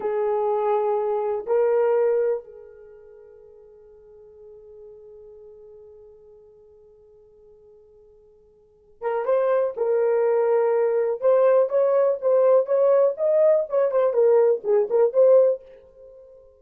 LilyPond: \new Staff \with { instrumentName = "horn" } { \time 4/4 \tempo 4 = 123 gis'2. ais'4~ | ais'4 gis'2.~ | gis'1~ | gis'1~ |
gis'2~ gis'8 ais'8 c''4 | ais'2. c''4 | cis''4 c''4 cis''4 dis''4 | cis''8 c''8 ais'4 gis'8 ais'8 c''4 | }